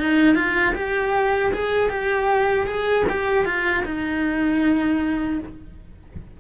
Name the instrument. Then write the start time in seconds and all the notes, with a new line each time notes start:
cello
0.00 D#4
0.36 F4
0.75 G4
1.53 G#4
1.90 G4
2.67 G#4
3.09 G4
3.45 F4
3.86 D#4